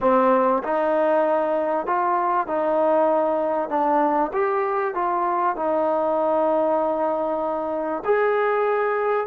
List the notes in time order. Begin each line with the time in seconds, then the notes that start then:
0.00 C4
0.63 D#4
1.86 F4
2.47 D#4
3.69 D4
4.33 G4
4.94 F4
5.56 D#4
8.04 G#4